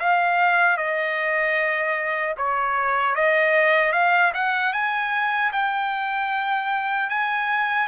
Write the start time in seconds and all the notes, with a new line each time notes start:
0.00 F5
0.78 D#5
2.38 C#5
3.15 D#5
3.93 F5
4.35 F#5
4.73 G#5
5.53 G5
7.10 G#5